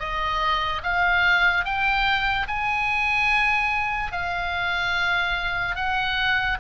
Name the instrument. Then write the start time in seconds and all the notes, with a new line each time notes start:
oboe
0.00 D#5
0.84 F5
1.65 G5
2.48 G#5
4.12 F5
5.76 F#5